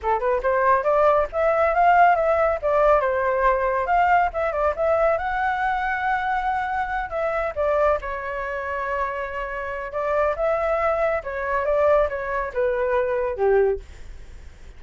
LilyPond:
\new Staff \with { instrumentName = "flute" } { \time 4/4 \tempo 4 = 139 a'8 b'8 c''4 d''4 e''4 | f''4 e''4 d''4 c''4~ | c''4 f''4 e''8 d''8 e''4 | fis''1~ |
fis''8 e''4 d''4 cis''4.~ | cis''2. d''4 | e''2 cis''4 d''4 | cis''4 b'2 g'4 | }